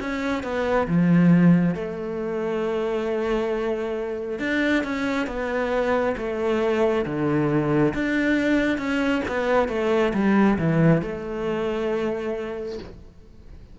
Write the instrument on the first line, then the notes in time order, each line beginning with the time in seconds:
cello
0.00 C#4
0.43 B3
0.87 F3
1.74 A3
4.39 D4
4.83 C#4
5.27 B3
6.17 A3
7.05 D3
7.94 D4
8.78 C#4
9.28 B3
9.69 A3
10.14 G3
10.58 E3
11.02 A3